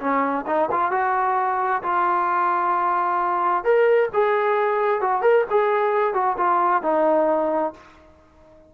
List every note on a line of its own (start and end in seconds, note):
0.00 0.45 C#4
0.46 0.69 D#4
0.71 0.92 F4
0.92 1.82 F#4
1.82 3.64 F4
3.64 4.10 A#4
4.13 5.01 G#4
5.01 5.22 F#4
5.22 5.45 A#4
5.50 6.14 G#4
6.14 6.37 F#4
6.37 6.82 F4
6.82 7.73 D#4